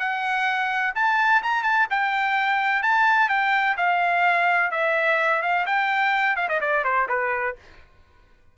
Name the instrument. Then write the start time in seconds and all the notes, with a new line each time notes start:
trumpet
0.00 F#5
0.96 A5
1.43 A#5
1.64 A5
1.91 G5
2.83 A5
3.29 G5
3.77 F5
4.72 E5
5.43 F5
5.67 G5
6.37 F5
6.49 D#5
6.61 D5
6.85 C5
7.09 B4